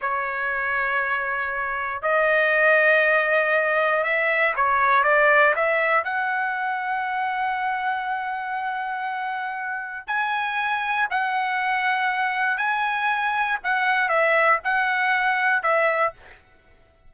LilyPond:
\new Staff \with { instrumentName = "trumpet" } { \time 4/4 \tempo 4 = 119 cis''1 | dis''1 | e''4 cis''4 d''4 e''4 | fis''1~ |
fis''1 | gis''2 fis''2~ | fis''4 gis''2 fis''4 | e''4 fis''2 e''4 | }